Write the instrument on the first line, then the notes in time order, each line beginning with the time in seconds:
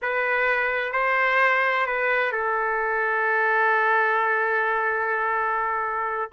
trumpet
0.02 B4
0.92 C5
1.86 B4
2.31 A4